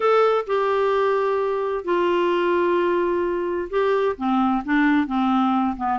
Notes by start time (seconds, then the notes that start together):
0.00 A4
0.46 G4
1.84 F4
3.70 G4
4.17 C4
4.64 D4
5.06 C4
5.77 B3